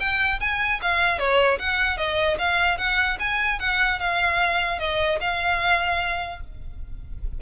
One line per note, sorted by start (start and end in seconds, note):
0.00 0.40 G5
0.41 0.81 G#5
0.82 1.19 F5
1.19 1.59 C#5
1.59 1.98 F#5
1.98 2.38 D#5
2.39 2.78 F5
2.78 3.18 F#5
3.20 3.60 G#5
3.60 4.00 F#5
4.00 4.79 F5
4.79 5.19 D#5
5.21 6.41 F5